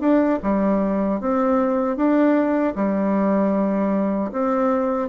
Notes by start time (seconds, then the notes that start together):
0.00 D4
0.43 G3
1.20 C4
1.96 D4
2.75 G3
4.32 C4